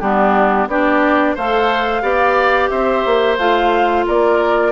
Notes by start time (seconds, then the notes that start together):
0.00 G3 B3 D4 G4
0.68 B3 D4 G4 D5
1.35 A3 A4 C5 F5
2.03 B3 G4 D5
2.70 C4 C5 E5
3.06 A#3
3.38 A3 F4 F5
4.07 A#3 A#4 D5